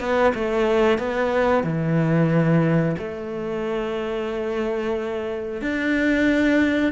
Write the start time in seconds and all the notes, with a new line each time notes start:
0.00 B3
0.35 A3
0.99 B3
1.64 E3
2.99 A3
5.62 D4